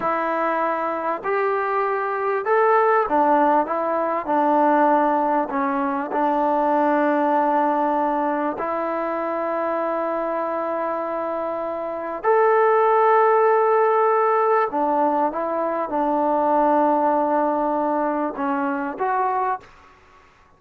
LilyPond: \new Staff \with { instrumentName = "trombone" } { \time 4/4 \tempo 4 = 98 e'2 g'2 | a'4 d'4 e'4 d'4~ | d'4 cis'4 d'2~ | d'2 e'2~ |
e'1 | a'1 | d'4 e'4 d'2~ | d'2 cis'4 fis'4 | }